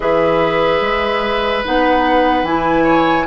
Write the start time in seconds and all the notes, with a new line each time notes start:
0.00 E3 G#4 B4 E5
0.80 G#3
1.65 B3 D#4 F#5
2.42 E3 E4 G#5
2.83 C#5